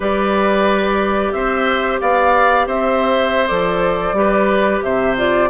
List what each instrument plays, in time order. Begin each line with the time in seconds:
0.00 bassoon G3, clarinet G4, oboe B4, flute D5
1.32 bassoon C4, oboe C5, flute E5
2.00 bassoon B3, oboe D5, flute F5
2.66 bassoon C4, oboe C5, flute E5
3.47 bassoon F3, clarinet A4, flute D5
4.12 bassoon G3, clarinet G4, oboe B4
4.82 bassoon C3, oboe C5, flute E5
5.17 clarinet F4, flute D5